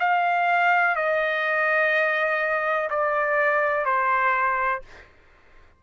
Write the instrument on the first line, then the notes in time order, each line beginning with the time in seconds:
trumpet
0.00 F5
0.96 D#5
2.90 D5
3.86 C5